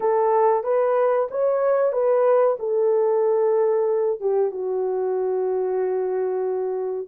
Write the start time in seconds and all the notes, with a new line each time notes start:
0.00 A4
0.63 B4
1.30 C#5
1.92 B4
2.59 A4
4.20 G4
4.51 F#4